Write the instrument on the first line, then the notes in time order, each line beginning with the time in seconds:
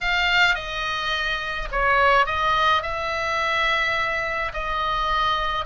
oboe
0.01 F5
0.55 D#5
1.71 C#5
2.26 D#5
2.82 E5
4.53 D#5